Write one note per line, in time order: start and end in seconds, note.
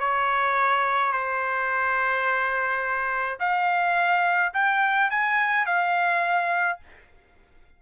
0.00 1.12 C#5
1.12 3.38 C5
3.40 4.53 F5
4.53 5.10 G5
5.10 5.66 G#5
5.66 6.79 F5